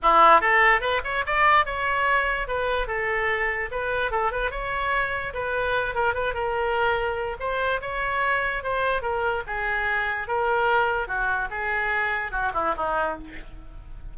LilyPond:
\new Staff \with { instrumentName = "oboe" } { \time 4/4 \tempo 4 = 146 e'4 a'4 b'8 cis''8 d''4 | cis''2 b'4 a'4~ | a'4 b'4 a'8 b'8 cis''4~ | cis''4 b'4. ais'8 b'8 ais'8~ |
ais'2 c''4 cis''4~ | cis''4 c''4 ais'4 gis'4~ | gis'4 ais'2 fis'4 | gis'2 fis'8 e'8 dis'4 | }